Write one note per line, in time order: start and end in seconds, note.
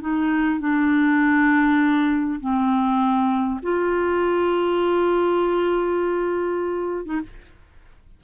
0.00 0.59 D#4
0.59 2.39 D4
2.40 3.60 C4
3.62 7.05 F4
7.05 7.20 D#4